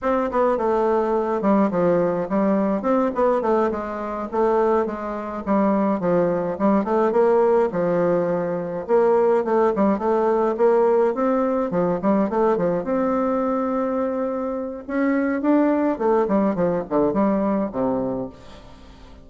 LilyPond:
\new Staff \with { instrumentName = "bassoon" } { \time 4/4 \tempo 4 = 105 c'8 b8 a4. g8 f4 | g4 c'8 b8 a8 gis4 a8~ | a8 gis4 g4 f4 g8 | a8 ais4 f2 ais8~ |
ais8 a8 g8 a4 ais4 c'8~ | c'8 f8 g8 a8 f8 c'4.~ | c'2 cis'4 d'4 | a8 g8 f8 d8 g4 c4 | }